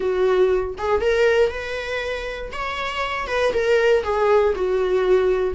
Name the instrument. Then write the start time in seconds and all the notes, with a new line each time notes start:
viola
0.00 F#4
0.77 G#4
1.01 A#4
1.50 B4
2.51 C#5
3.27 B4
3.53 A#4
4.03 G#4
4.55 F#4